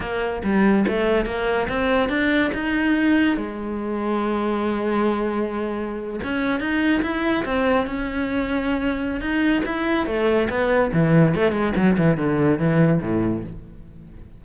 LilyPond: \new Staff \with { instrumentName = "cello" } { \time 4/4 \tempo 4 = 143 ais4 g4 a4 ais4 | c'4 d'4 dis'2 | gis1~ | gis2~ gis8. cis'4 dis'16~ |
dis'8. e'4 c'4 cis'4~ cis'16~ | cis'2 dis'4 e'4 | a4 b4 e4 a8 gis8 | fis8 e8 d4 e4 a,4 | }